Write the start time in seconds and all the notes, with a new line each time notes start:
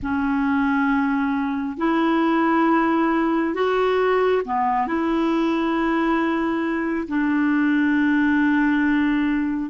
0.02 C#4
1.77 E4
3.54 F#4
4.45 B3
4.87 E4
7.07 D4